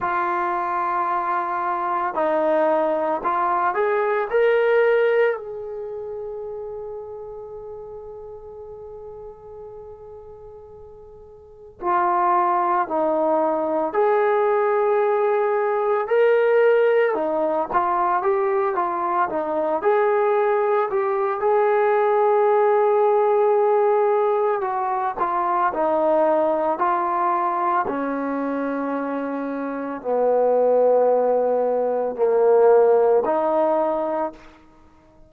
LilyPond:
\new Staff \with { instrumentName = "trombone" } { \time 4/4 \tempo 4 = 56 f'2 dis'4 f'8 gis'8 | ais'4 gis'2.~ | gis'2. f'4 | dis'4 gis'2 ais'4 |
dis'8 f'8 g'8 f'8 dis'8 gis'4 g'8 | gis'2. fis'8 f'8 | dis'4 f'4 cis'2 | b2 ais4 dis'4 | }